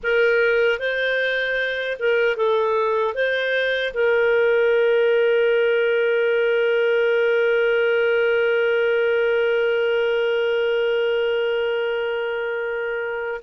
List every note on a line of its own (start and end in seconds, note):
0.03 0.79 A#4
0.79 1.97 C5
1.99 2.36 A#4
2.36 3.14 A4
3.14 3.93 C5
3.93 13.40 A#4